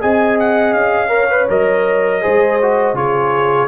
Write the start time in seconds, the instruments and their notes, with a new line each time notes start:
0.00 tuba C4, trombone G#4, horn D#5, trumpet G#5
0.39 trumpet F#5
0.73 tuba C#4, trumpet F5
1.08 trombone A#4, horn C#5
1.30 trombone B4
1.48 tuba F#3, trombone A#4, trumpet D#5
2.21 tuba G#3, trombone G#4, horn C5
2.61 trombone F#4
2.93 tuba C#3, trombone F4, horn G#4, trumpet C#5